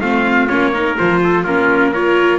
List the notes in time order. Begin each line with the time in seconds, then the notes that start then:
0.00 A3 C4 F4 F5
0.48 A#3 C#4 C#5
0.73 D#4 A#4
0.97 F3 F4 C5
1.23 A4
1.44 A#3 C#4 F4 A#4
1.92 F4 A#4 C#5